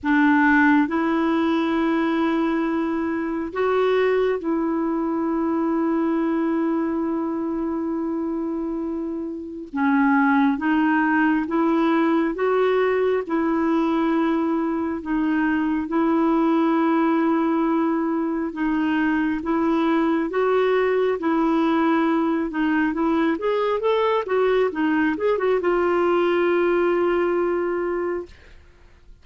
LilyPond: \new Staff \with { instrumentName = "clarinet" } { \time 4/4 \tempo 4 = 68 d'4 e'2. | fis'4 e'2.~ | e'2. cis'4 | dis'4 e'4 fis'4 e'4~ |
e'4 dis'4 e'2~ | e'4 dis'4 e'4 fis'4 | e'4. dis'8 e'8 gis'8 a'8 fis'8 | dis'8 gis'16 fis'16 f'2. | }